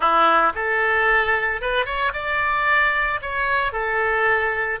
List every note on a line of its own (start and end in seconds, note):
0.00 0.52 E4
0.54 1.61 A4
1.61 1.85 B4
1.85 2.12 C#5
2.13 3.20 D5
3.21 3.72 C#5
3.72 4.79 A4